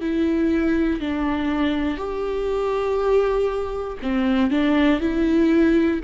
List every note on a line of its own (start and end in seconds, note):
0.00 1.00 E4
1.00 1.97 D4
1.97 3.97 G4
4.02 4.50 C4
4.50 5.00 D4
5.00 6.00 E4